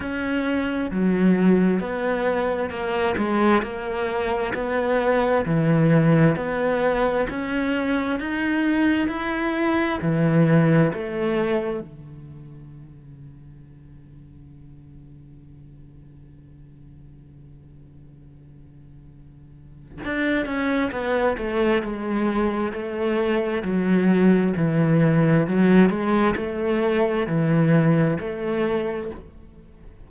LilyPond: \new Staff \with { instrumentName = "cello" } { \time 4/4 \tempo 4 = 66 cis'4 fis4 b4 ais8 gis8 | ais4 b4 e4 b4 | cis'4 dis'4 e'4 e4 | a4 d2.~ |
d1~ | d2 d'8 cis'8 b8 a8 | gis4 a4 fis4 e4 | fis8 gis8 a4 e4 a4 | }